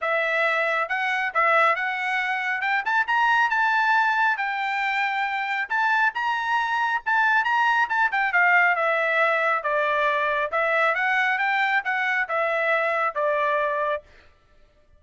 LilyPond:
\new Staff \with { instrumentName = "trumpet" } { \time 4/4 \tempo 4 = 137 e''2 fis''4 e''4 | fis''2 g''8 a''8 ais''4 | a''2 g''2~ | g''4 a''4 ais''2 |
a''4 ais''4 a''8 g''8 f''4 | e''2 d''2 | e''4 fis''4 g''4 fis''4 | e''2 d''2 | }